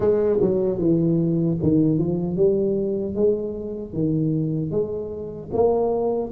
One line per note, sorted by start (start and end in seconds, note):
0.00 0.39 G#3
0.41 0.78 F#3
0.78 1.57 E3
1.62 1.98 D#3
1.98 2.36 F3
2.36 3.15 G3
3.15 3.93 G#3
3.93 4.71 D#3
4.71 5.50 G#3
5.53 6.32 A#3